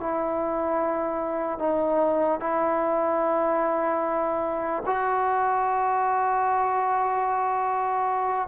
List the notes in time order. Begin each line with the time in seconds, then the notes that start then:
0.00 E4
1.59 D#4
2.40 E4
4.86 F#4